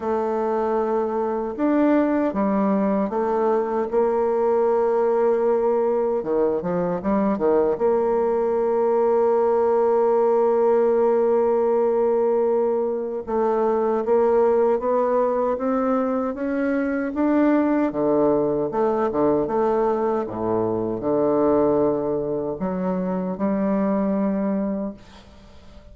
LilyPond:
\new Staff \with { instrumentName = "bassoon" } { \time 4/4 \tempo 4 = 77 a2 d'4 g4 | a4 ais2. | dis8 f8 g8 dis8 ais2~ | ais1~ |
ais4 a4 ais4 b4 | c'4 cis'4 d'4 d4 | a8 d8 a4 a,4 d4~ | d4 fis4 g2 | }